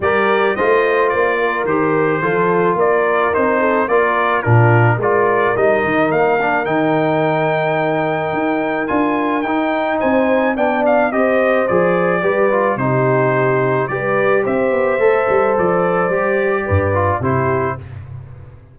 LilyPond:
<<
  \new Staff \with { instrumentName = "trumpet" } { \time 4/4 \tempo 4 = 108 d''4 dis''4 d''4 c''4~ | c''4 d''4 c''4 d''4 | ais'4 d''4 dis''4 f''4 | g''1 |
gis''4 g''4 gis''4 g''8 f''8 | dis''4 d''2 c''4~ | c''4 d''4 e''2 | d''2. c''4 | }
  \new Staff \with { instrumentName = "horn" } { \time 4/4 ais'4 c''4. ais'4. | a'4 ais'4. a'8 ais'4 | f'4 ais'2.~ | ais'1~ |
ais'2 c''4 d''4 | c''2 b'4 g'4~ | g'4 b'4 c''2~ | c''2 b'4 g'4 | }
  \new Staff \with { instrumentName = "trombone" } { \time 4/4 g'4 f'2 g'4 | f'2 dis'4 f'4 | d'4 f'4 dis'4. d'8 | dis'1 |
f'4 dis'2 d'4 | g'4 gis'4 g'8 f'8 dis'4~ | dis'4 g'2 a'4~ | a'4 g'4. f'8 e'4 | }
  \new Staff \with { instrumentName = "tuba" } { \time 4/4 g4 a4 ais4 dis4 | f4 ais4 c'4 ais4 | ais,4 gis4 g8 dis8 ais4 | dis2. dis'4 |
d'4 dis'4 c'4 b4 | c'4 f4 g4 c4~ | c4 g4 c'8 b8 a8 g8 | f4 g4 g,4 c4 | }
>>